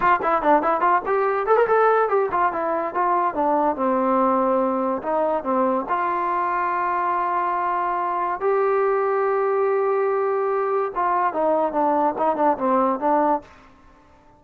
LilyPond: \new Staff \with { instrumentName = "trombone" } { \time 4/4 \tempo 4 = 143 f'8 e'8 d'8 e'8 f'8 g'4 a'16 ais'16 | a'4 g'8 f'8 e'4 f'4 | d'4 c'2. | dis'4 c'4 f'2~ |
f'1 | g'1~ | g'2 f'4 dis'4 | d'4 dis'8 d'8 c'4 d'4 | }